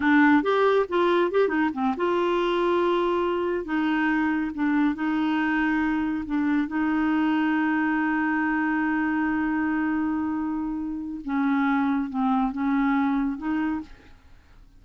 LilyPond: \new Staff \with { instrumentName = "clarinet" } { \time 4/4 \tempo 4 = 139 d'4 g'4 f'4 g'8 dis'8 | c'8 f'2.~ f'8~ | f'8 dis'2 d'4 dis'8~ | dis'2~ dis'8 d'4 dis'8~ |
dis'1~ | dis'1~ | dis'2 cis'2 | c'4 cis'2 dis'4 | }